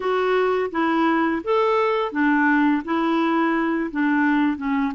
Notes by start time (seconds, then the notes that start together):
0.00 F#4
0.71 E4
1.44 A4
2.11 D4
2.84 E4
3.91 D4
4.57 C#4